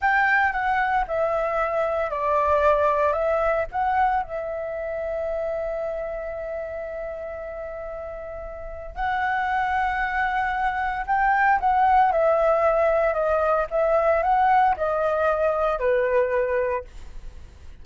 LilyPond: \new Staff \with { instrumentName = "flute" } { \time 4/4 \tempo 4 = 114 g''4 fis''4 e''2 | d''2 e''4 fis''4 | e''1~ | e''1~ |
e''4 fis''2.~ | fis''4 g''4 fis''4 e''4~ | e''4 dis''4 e''4 fis''4 | dis''2 b'2 | }